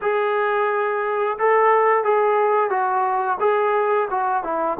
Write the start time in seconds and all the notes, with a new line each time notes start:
0.01 G#4
1.38 A4
2.04 G#4
2.70 F#4
3.40 G#4
4.10 F#4
4.43 E4